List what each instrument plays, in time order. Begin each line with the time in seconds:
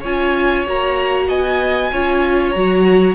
0.00 cello C#4, viola F4, violin C#5 G#5
0.66 cello A#3, viola F#4, violin A#5
1.28 cello B3, violin D#5 G#5
1.92 cello C#4, viola F4, violin C#5
2.50 cello F#3, viola F#4, violin A#5